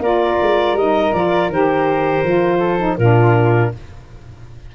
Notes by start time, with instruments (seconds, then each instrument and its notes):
0.00 tuba A#3, saxophone F4, flute A#4, clarinet D5
0.42 tuba G#3
0.74 tuba G3, saxophone D#4, clarinet D#5
1.14 tuba F3, saxophone F4, clarinet D5
1.49 tuba D#3, saxophone G4, clarinet C5
2.24 tuba F3, saxophone F4
2.59 flute A4
2.79 saxophone D#4
2.98 tuba A#2, saxophone D4, flute F4, clarinet A#4